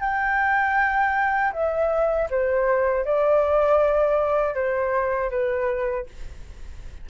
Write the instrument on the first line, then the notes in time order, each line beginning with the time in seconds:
flute
0.00 G5
1.52 E5
2.30 C5
3.04 D5
4.55 C5
5.30 B4